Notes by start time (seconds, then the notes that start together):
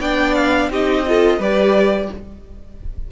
0.00 B3 D4 D5 G5
0.35 F5
0.70 C4 D#4 G4 D#5
1.07 F4 A4
1.39 G3 G4 B4 D5